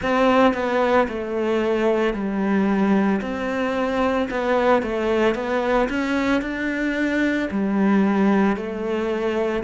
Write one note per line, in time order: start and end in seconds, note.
0.02 0.54 C4
0.54 1.07 B3
1.08 2.13 A3
2.13 3.20 G3
3.21 4.28 C4
4.30 4.82 B3
4.82 5.35 A3
5.35 5.88 B3
5.89 6.41 C#4
6.41 7.48 D4
7.50 8.56 G3
8.56 9.63 A3